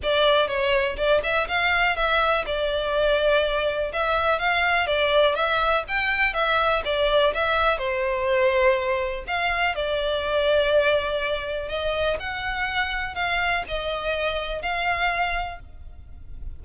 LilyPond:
\new Staff \with { instrumentName = "violin" } { \time 4/4 \tempo 4 = 123 d''4 cis''4 d''8 e''8 f''4 | e''4 d''2. | e''4 f''4 d''4 e''4 | g''4 e''4 d''4 e''4 |
c''2. f''4 | d''1 | dis''4 fis''2 f''4 | dis''2 f''2 | }